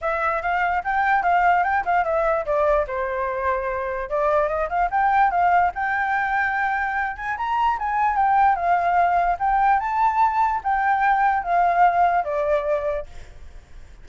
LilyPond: \new Staff \with { instrumentName = "flute" } { \time 4/4 \tempo 4 = 147 e''4 f''4 g''4 f''4 | g''8 f''8 e''4 d''4 c''4~ | c''2 d''4 dis''8 f''8 | g''4 f''4 g''2~ |
g''4. gis''8 ais''4 gis''4 | g''4 f''2 g''4 | a''2 g''2 | f''2 d''2 | }